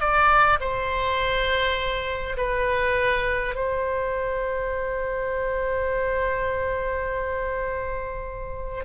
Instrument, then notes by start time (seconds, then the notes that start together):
oboe
0.00 D5
0.60 C5
2.37 B4
3.55 C5